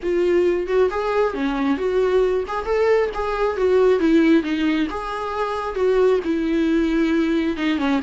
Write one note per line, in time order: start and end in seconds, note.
0.02 0.67 F4
0.67 0.89 F#4
0.90 1.34 G#4
1.34 1.77 C#4
1.77 2.44 F#4
2.47 2.65 G#4
2.65 3.09 A4
3.14 3.57 G#4
3.57 3.99 F#4
3.99 4.43 E4
4.43 4.87 D#4
4.90 5.75 G#4
5.75 6.19 F#4
6.24 7.56 E4
7.56 7.78 D#4
7.78 8.00 C#4